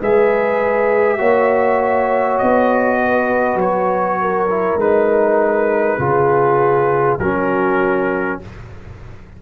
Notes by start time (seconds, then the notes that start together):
0.00 G#3 G#4 B4 E5
1.18 A#3 F#4 C#5
2.39 B3 D#5
3.03 B4
3.55 F#3 C#5
4.21 A#4
4.50 E4
4.77 G#3 D#4 B4
5.99 C#3 F4 G#4
7.20 F#3 C#4 F#4 A#4